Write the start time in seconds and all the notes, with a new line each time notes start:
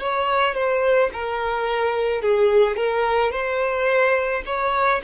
0.00 C#5
0.55 C5
1.14 A#4
2.22 G#4
2.77 A#4
3.32 C5
4.46 C#5